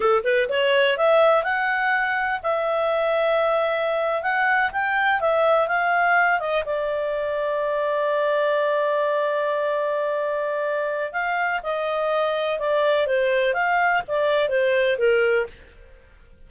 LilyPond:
\new Staff \with { instrumentName = "clarinet" } { \time 4/4 \tempo 4 = 124 a'8 b'8 cis''4 e''4 fis''4~ | fis''4 e''2.~ | e''8. fis''4 g''4 e''4 f''16~ | f''4~ f''16 dis''8 d''2~ d''16~ |
d''1~ | d''2. f''4 | dis''2 d''4 c''4 | f''4 d''4 c''4 ais'4 | }